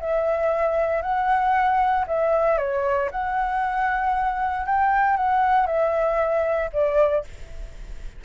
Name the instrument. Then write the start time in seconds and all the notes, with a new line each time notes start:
flute
0.00 E5
1.02 F#5
2.07 E5
2.58 C#5
3.11 F#5
4.66 G5
5.17 F#5
5.66 E5
6.73 D5